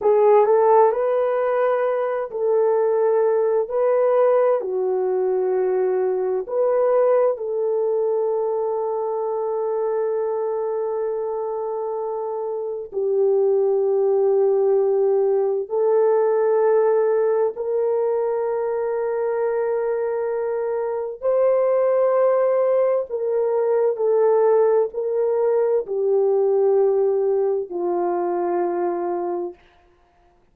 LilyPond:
\new Staff \with { instrumentName = "horn" } { \time 4/4 \tempo 4 = 65 gis'8 a'8 b'4. a'4. | b'4 fis'2 b'4 | a'1~ | a'2 g'2~ |
g'4 a'2 ais'4~ | ais'2. c''4~ | c''4 ais'4 a'4 ais'4 | g'2 f'2 | }